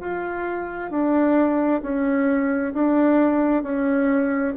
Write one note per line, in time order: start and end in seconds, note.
0.00 0.90 F4
0.90 1.81 D4
1.82 2.73 C#4
2.74 3.62 D4
3.62 4.53 C#4